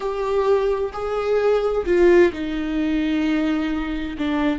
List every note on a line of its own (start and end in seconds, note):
0.00 0.92 G4
0.93 1.85 G#4
1.85 2.31 F4
2.32 4.17 D#4
4.17 4.58 D4